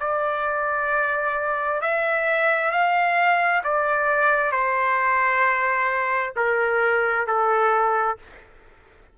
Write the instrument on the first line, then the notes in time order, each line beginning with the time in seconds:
trumpet
0.00 D5
1.81 E5
2.71 F5
3.64 D5
4.52 C5
6.36 A#4
7.27 A4